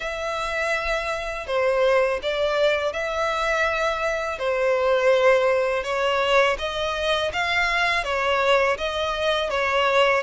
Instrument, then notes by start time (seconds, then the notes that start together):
violin
0.00 E5
1.46 C5
2.22 D5
2.92 E5
4.38 C5
5.83 C#5
6.58 D#5
7.32 F5
8.04 C#5
8.77 D#5
9.50 C#5